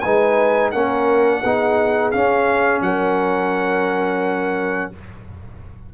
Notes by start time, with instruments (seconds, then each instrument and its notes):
0.00 tuba G#3, trombone D#4, horn B4, trumpet G#5
0.71 tuba A#3, trombone C#4, horn A#4, trumpet F#5
1.44 tuba B3, trombone D#4, horn G#4
2.11 trombone C#4, tuba C#4, trumpet F5
2.81 tuba F#3, horn A#4, trumpet F#5